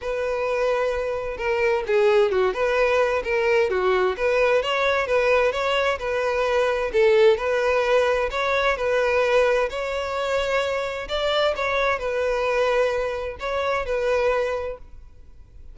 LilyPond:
\new Staff \with { instrumentName = "violin" } { \time 4/4 \tempo 4 = 130 b'2. ais'4 | gis'4 fis'8 b'4. ais'4 | fis'4 b'4 cis''4 b'4 | cis''4 b'2 a'4 |
b'2 cis''4 b'4~ | b'4 cis''2. | d''4 cis''4 b'2~ | b'4 cis''4 b'2 | }